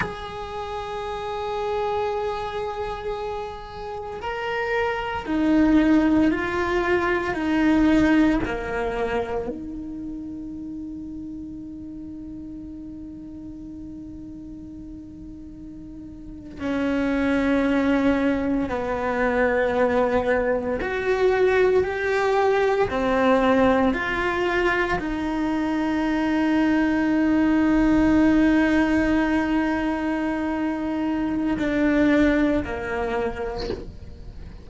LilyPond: \new Staff \with { instrumentName = "cello" } { \time 4/4 \tempo 4 = 57 gis'1 | ais'4 dis'4 f'4 dis'4 | ais4 dis'2.~ | dis'2.~ dis'8. cis'16~ |
cis'4.~ cis'16 b2 fis'16~ | fis'8. g'4 c'4 f'4 dis'16~ | dis'1~ | dis'2 d'4 ais4 | }